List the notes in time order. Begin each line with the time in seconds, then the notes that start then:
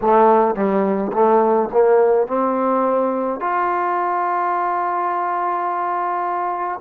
0.01 A3
0.55 G3
1.12 A3
1.72 A#3
2.27 C4
3.40 F4